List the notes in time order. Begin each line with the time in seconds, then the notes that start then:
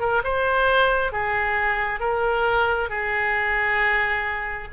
0.00 A#4
0.24 C5
1.12 G#4
2.00 A#4
2.89 G#4